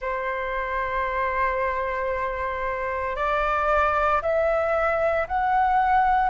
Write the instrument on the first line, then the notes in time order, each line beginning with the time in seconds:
flute
0.00 C5
3.16 D5
4.22 E5
5.27 F#5